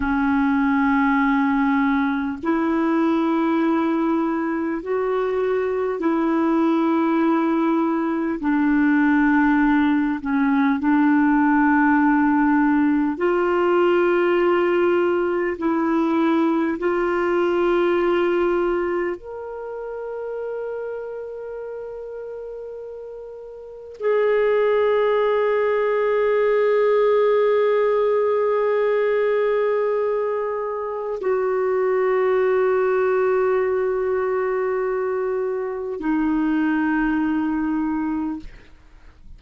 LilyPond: \new Staff \with { instrumentName = "clarinet" } { \time 4/4 \tempo 4 = 50 cis'2 e'2 | fis'4 e'2 d'4~ | d'8 cis'8 d'2 f'4~ | f'4 e'4 f'2 |
ais'1 | gis'1~ | gis'2 fis'2~ | fis'2 dis'2 | }